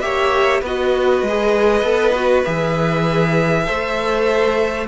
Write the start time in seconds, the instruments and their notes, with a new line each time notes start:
0.00 cello A#3, viola G4, violin C#5 E5
0.61 cello B3, viola F#4, violin B4 D#5
1.22 cello G#3
1.28 viola G#4
1.82 cello B3, viola A4
2.15 viola F#4
2.44 cello E3, viola G#4, violin E5
3.66 cello A3, viola A4, violin C5